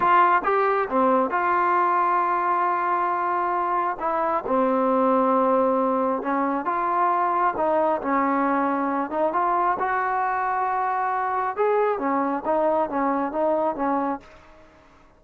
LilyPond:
\new Staff \with { instrumentName = "trombone" } { \time 4/4 \tempo 4 = 135 f'4 g'4 c'4 f'4~ | f'1~ | f'4 e'4 c'2~ | c'2 cis'4 f'4~ |
f'4 dis'4 cis'2~ | cis'8 dis'8 f'4 fis'2~ | fis'2 gis'4 cis'4 | dis'4 cis'4 dis'4 cis'4 | }